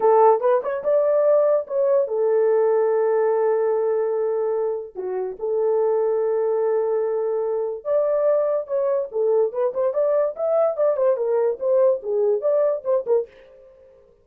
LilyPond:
\new Staff \with { instrumentName = "horn" } { \time 4/4 \tempo 4 = 145 a'4 b'8 cis''8 d''2 | cis''4 a'2.~ | a'1 | fis'4 a'2.~ |
a'2. d''4~ | d''4 cis''4 a'4 b'8 c''8 | d''4 e''4 d''8 c''8 ais'4 | c''4 gis'4 d''4 c''8 ais'8 | }